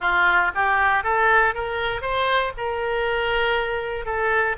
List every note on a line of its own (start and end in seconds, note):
0.00 0.51 F4
0.55 1.03 G4
1.03 1.54 A4
1.54 2.01 A#4
2.01 2.52 C5
2.57 4.05 A#4
4.05 4.56 A4